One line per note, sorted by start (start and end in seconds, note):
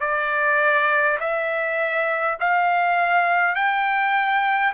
0.00 1.18 D5
1.20 2.37 E5
2.40 3.55 F5
3.55 4.73 G5